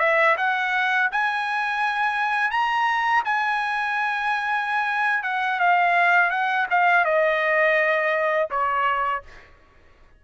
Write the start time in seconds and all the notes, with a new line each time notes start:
0.00 E5
0.37 F#5
1.12 G#5
2.51 A#5
3.25 G#5
5.24 F#5
5.60 F5
6.31 F#5
6.71 F5
7.05 D#5
8.51 C#5